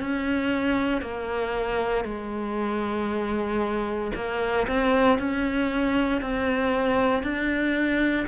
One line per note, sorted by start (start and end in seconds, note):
0.00 1.01 C#4
1.01 2.04 A#3
2.04 4.11 G#3
4.15 4.66 A#3
4.67 5.18 C4
5.18 6.21 C#4
6.21 7.22 C4
7.22 8.26 D4